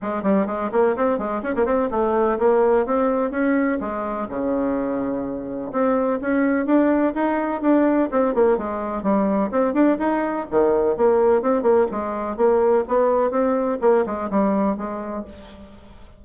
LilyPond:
\new Staff \with { instrumentName = "bassoon" } { \time 4/4 \tempo 4 = 126 gis8 g8 gis8 ais8 c'8 gis8 cis'16 ais16 c'8 | a4 ais4 c'4 cis'4 | gis4 cis2. | c'4 cis'4 d'4 dis'4 |
d'4 c'8 ais8 gis4 g4 | c'8 d'8 dis'4 dis4 ais4 | c'8 ais8 gis4 ais4 b4 | c'4 ais8 gis8 g4 gis4 | }